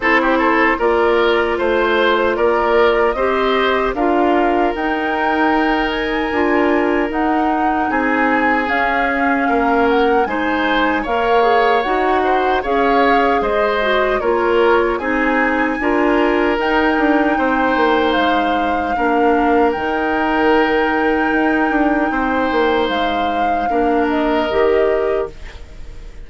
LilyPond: <<
  \new Staff \with { instrumentName = "flute" } { \time 4/4 \tempo 4 = 76 c''4 d''4 c''4 d''4 | dis''4 f''4 g''4. gis''8~ | gis''4 fis''4 gis''4 f''4~ | f''8 fis''8 gis''4 f''4 fis''4 |
f''4 dis''4 cis''4 gis''4~ | gis''4 g''2 f''4~ | f''4 g''2.~ | g''4 f''4. dis''4. | }
  \new Staff \with { instrumentName = "oboe" } { \time 4/4 a'16 g'16 a'8 ais'4 c''4 ais'4 | c''4 ais'2.~ | ais'2 gis'2 | ais'4 c''4 cis''4. c''8 |
cis''4 c''4 ais'4 gis'4 | ais'2 c''2 | ais'1 | c''2 ais'2 | }
  \new Staff \with { instrumentName = "clarinet" } { \time 4/4 e'4 f'2. | g'4 f'4 dis'2 | f'4 dis'2 cis'4~ | cis'4 dis'4 ais'8 gis'8 fis'4 |
gis'4. fis'8 f'4 dis'4 | f'4 dis'2. | d'4 dis'2.~ | dis'2 d'4 g'4 | }
  \new Staff \with { instrumentName = "bassoon" } { \time 4/4 c'4 ais4 a4 ais4 | c'4 d'4 dis'2 | d'4 dis'4 c'4 cis'4 | ais4 gis4 ais4 dis'4 |
cis'4 gis4 ais4 c'4 | d'4 dis'8 d'8 c'8 ais8 gis4 | ais4 dis2 dis'8 d'8 | c'8 ais8 gis4 ais4 dis4 | }
>>